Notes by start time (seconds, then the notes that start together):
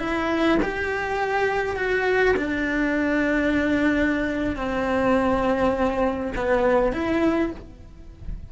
0.00 E4
0.62 G4
1.76 F#4
2.37 D4
4.56 C4
6.36 B3
6.93 E4